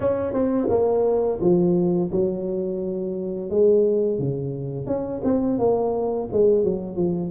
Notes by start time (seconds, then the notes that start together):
0.00 C#4
0.33 C4
0.69 A#3
1.40 F3
2.11 F#3
3.49 G#3
4.19 C#3
4.86 C#4
5.23 C4
5.58 A#3
6.32 G#3
6.64 F#3
6.96 F3